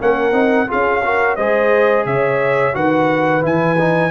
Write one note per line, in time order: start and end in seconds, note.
0.00 0.32 A#3
0.00 0.32 C#4
0.00 0.68 A#4
0.00 0.70 F#5
0.32 0.66 C4
0.32 0.66 D#4
0.67 1.37 C#4
0.67 1.01 F4
0.67 1.02 G#4
0.67 1.35 F5
1.03 1.38 F#4
1.03 1.37 A#4
1.35 2.05 G#3
1.35 2.73 G#4
1.35 2.06 C5
1.35 2.04 D#5
2.05 2.74 C#3
2.05 2.75 C#5
2.05 2.75 E5
2.73 3.44 D#3
2.73 3.41 F#4
2.73 4.10 B4
2.73 3.44 F#5
3.41 4.10 E3
3.41 3.76 E4
3.41 4.10 G#5
3.79 4.10 D#4